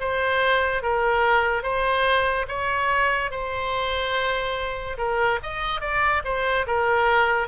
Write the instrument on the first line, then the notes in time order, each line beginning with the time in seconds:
oboe
0.00 C5
0.83 A#4
1.63 C5
2.48 C#5
3.31 C5
4.98 A#4
5.43 D#5
5.81 D5
6.25 C5
6.67 A#4